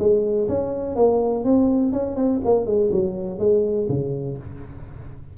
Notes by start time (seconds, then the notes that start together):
0.00 G#3
0.49 C#4
0.96 A#3
1.45 C4
1.93 C#4
2.17 C4
2.45 A#3
2.67 G#3
2.92 F#3
3.39 G#3
3.89 C#3